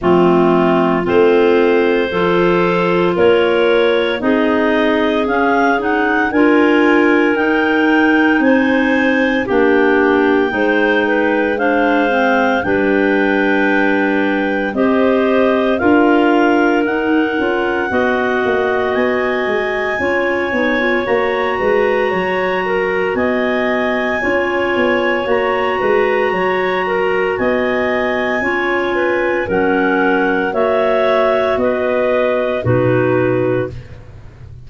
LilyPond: <<
  \new Staff \with { instrumentName = "clarinet" } { \time 4/4 \tempo 4 = 57 f'4 c''2 cis''4 | dis''4 f''8 fis''8 gis''4 g''4 | gis''4 g''2 f''4 | g''2 dis''4 f''4 |
fis''2 gis''2 | ais''2 gis''2 | ais''2 gis''2 | fis''4 e''4 dis''4 b'4 | }
  \new Staff \with { instrumentName = "clarinet" } { \time 4/4 c'4 f'4 a'4 ais'4 | gis'2 ais'2 | c''4 g'4 c''8 b'8 c''4 | b'2 c''4 ais'4~ |
ais'4 dis''2 cis''4~ | cis''8 b'8 cis''8 ais'8 dis''4 cis''4~ | cis''8 b'8 cis''8 ais'8 dis''4 cis''8 b'8 | ais'4 cis''4 b'4 fis'4 | }
  \new Staff \with { instrumentName = "clarinet" } { \time 4/4 a4 c'4 f'2 | dis'4 cis'8 dis'8 f'4 dis'4~ | dis'4 d'4 dis'4 d'8 c'8 | d'2 g'4 f'4 |
dis'8 f'8 fis'2 f'8 dis'16 f'16 | fis'2. f'4 | fis'2. f'4 | cis'4 fis'2 dis'4 | }
  \new Staff \with { instrumentName = "tuba" } { \time 4/4 f4 a4 f4 ais4 | c'4 cis'4 d'4 dis'4 | c'4 ais4 gis2 | g2 c'4 d'4 |
dis'8 cis'8 b8 ais8 b8 gis8 cis'8 b8 | ais8 gis8 fis4 b4 cis'8 b8 | ais8 gis8 fis4 b4 cis'4 | fis4 ais4 b4 b,4 | }
>>